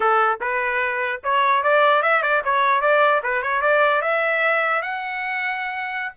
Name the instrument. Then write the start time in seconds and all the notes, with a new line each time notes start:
trumpet
0.00 A4
0.40 B4
1.23 C#5
1.63 D5
2.02 E5
2.22 D5
2.44 C#5
2.81 D5
3.23 B4
3.42 C#5
3.61 D5
4.01 E5
4.82 F#5